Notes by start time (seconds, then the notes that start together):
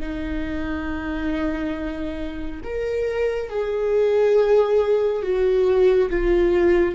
0.00 D#4
2.64 A#4
3.49 G#4
5.22 F#4
6.09 F4